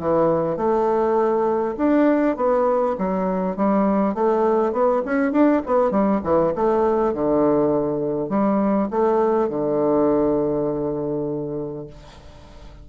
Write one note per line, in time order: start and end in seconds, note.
0.00 0.57 E3
0.57 1.76 A3
1.77 2.37 D4
2.37 2.96 B3
2.98 3.57 F#3
3.57 4.14 G3
4.14 4.73 A3
4.73 5.02 B3
5.05 5.32 C#4
5.32 5.62 D4
5.66 5.91 B3
5.91 6.21 G3
6.23 6.53 E3
6.55 7.14 A3
7.14 8.30 D3
8.30 8.89 G3
8.91 9.49 A3
9.49 11.87 D3